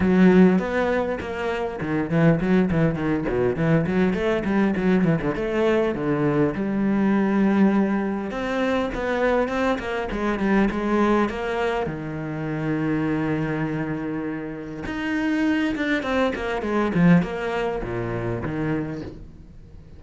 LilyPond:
\new Staff \with { instrumentName = "cello" } { \time 4/4 \tempo 4 = 101 fis4 b4 ais4 dis8 e8 | fis8 e8 dis8 b,8 e8 fis8 a8 g8 | fis8 e16 d16 a4 d4 g4~ | g2 c'4 b4 |
c'8 ais8 gis8 g8 gis4 ais4 | dis1~ | dis4 dis'4. d'8 c'8 ais8 | gis8 f8 ais4 ais,4 dis4 | }